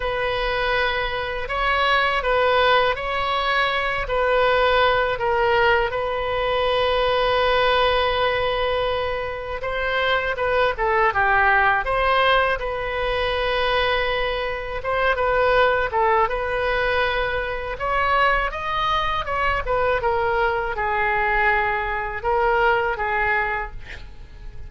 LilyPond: \new Staff \with { instrumentName = "oboe" } { \time 4/4 \tempo 4 = 81 b'2 cis''4 b'4 | cis''4. b'4. ais'4 | b'1~ | b'4 c''4 b'8 a'8 g'4 |
c''4 b'2. | c''8 b'4 a'8 b'2 | cis''4 dis''4 cis''8 b'8 ais'4 | gis'2 ais'4 gis'4 | }